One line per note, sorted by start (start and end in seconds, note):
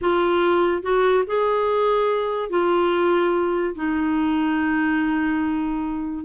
0.01 0.82 F4
0.82 1.24 F#4
1.26 2.49 G#4
2.49 3.74 F4
3.75 6.24 D#4